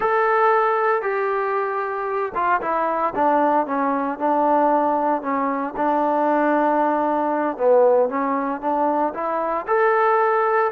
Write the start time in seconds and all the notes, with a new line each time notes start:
0.00 A4
1.02 G4
2.34 F4
2.61 E4
3.15 D4
3.66 C#4
4.19 D4
5.22 C#4
5.76 D4
7.57 B3
8.09 C#4
8.61 D4
9.14 E4
9.67 A4